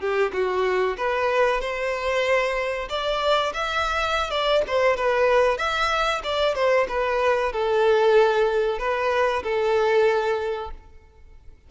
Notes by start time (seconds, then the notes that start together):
0.00 G4
0.33 F#4
0.97 B4
1.61 C5
2.89 D5
3.54 E5
4.31 D5
4.68 C5
4.97 B4
5.58 E5
6.24 D5
6.55 C5
6.89 B4
7.53 A4
8.79 B4
9.43 A4